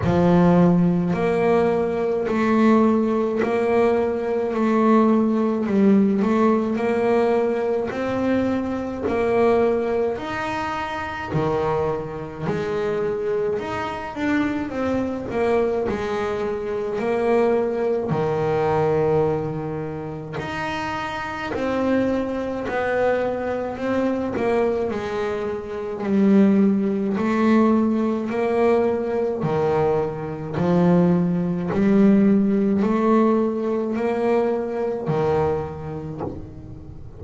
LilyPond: \new Staff \with { instrumentName = "double bass" } { \time 4/4 \tempo 4 = 53 f4 ais4 a4 ais4 | a4 g8 a8 ais4 c'4 | ais4 dis'4 dis4 gis4 | dis'8 d'8 c'8 ais8 gis4 ais4 |
dis2 dis'4 c'4 | b4 c'8 ais8 gis4 g4 | a4 ais4 dis4 f4 | g4 a4 ais4 dis4 | }